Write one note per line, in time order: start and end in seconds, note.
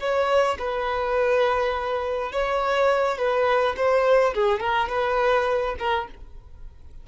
0.00 0.58 C#5
0.59 2.32 B4
2.32 3.18 C#5
3.18 3.76 B4
3.77 4.34 C5
4.35 4.60 G#4
4.60 4.89 A#4
4.89 5.76 B4
5.79 6.08 A#4